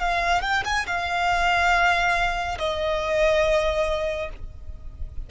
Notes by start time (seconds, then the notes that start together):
0.00 F5
0.42 G5
0.65 G#5
0.87 F5
2.59 D#5